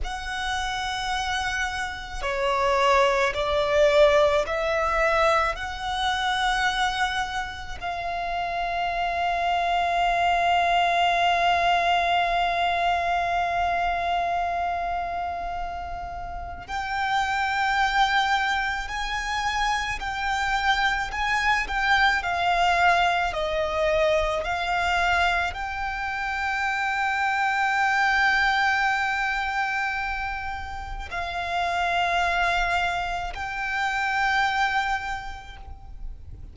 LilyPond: \new Staff \with { instrumentName = "violin" } { \time 4/4 \tempo 4 = 54 fis''2 cis''4 d''4 | e''4 fis''2 f''4~ | f''1~ | f''2. g''4~ |
g''4 gis''4 g''4 gis''8 g''8 | f''4 dis''4 f''4 g''4~ | g''1 | f''2 g''2 | }